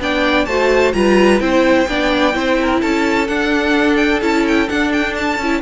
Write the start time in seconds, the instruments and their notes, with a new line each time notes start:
0.00 cello B3, viola D4, violin D5 G5
0.46 cello A3, viola F#4, violin C5 A5
0.93 cello G3, viola F4, violin B4 A#5
1.40 cello C4, viola E4, violin C5 G5
1.88 cello B3, viola D4, violin D5
2.33 cello C4, viola E4, violin C5
2.61 violin A#4
2.81 cello C#4, violin A4 A5
3.28 cello D4, viola D4, violin F#5
3.97 violin G5
4.21 cello C#4, viola E4, violin A5
4.48 violin G5
4.69 viola D4, cello D4, violin F#5
4.93 violin G5
5.15 violin A5
5.38 cello C#4, viola E4